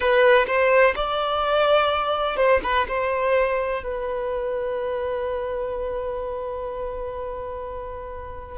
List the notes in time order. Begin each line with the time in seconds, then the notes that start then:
0.00 B4
0.46 C5
0.95 D5
2.36 C5
2.63 B4
2.88 C5
3.83 B4